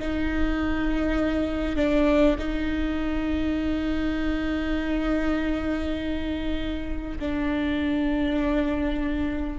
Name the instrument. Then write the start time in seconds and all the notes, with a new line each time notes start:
viola
0.00 D#4
1.77 D4
2.39 D#4
7.19 D4